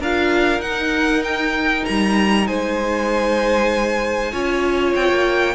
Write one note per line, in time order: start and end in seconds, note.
0.00 0.59 D4
0.00 0.62 F4
0.00 2.48 A#4
0.00 0.62 F5
0.59 1.83 D#4
0.59 4.33 D#4
0.59 1.23 F#5
1.24 1.86 G5
1.86 2.48 G3
1.86 2.47 A#5
2.47 4.33 G#3
2.47 4.32 C5
2.47 4.95 G#5
4.32 4.95 C#4
4.32 5.55 F4
4.32 5.55 C#5
4.96 5.10 C4
4.96 5.55 G5
5.10 5.55 A#3